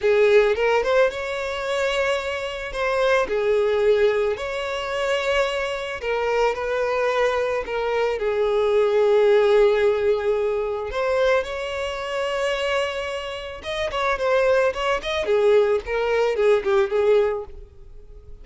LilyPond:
\new Staff \with { instrumentName = "violin" } { \time 4/4 \tempo 4 = 110 gis'4 ais'8 c''8 cis''2~ | cis''4 c''4 gis'2 | cis''2. ais'4 | b'2 ais'4 gis'4~ |
gis'1 | c''4 cis''2.~ | cis''4 dis''8 cis''8 c''4 cis''8 dis''8 | gis'4 ais'4 gis'8 g'8 gis'4 | }